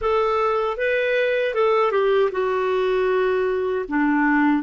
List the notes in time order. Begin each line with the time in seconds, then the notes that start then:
0.01 A4
0.77 B4
1.54 A4
1.91 G4
2.31 F#4
3.88 D4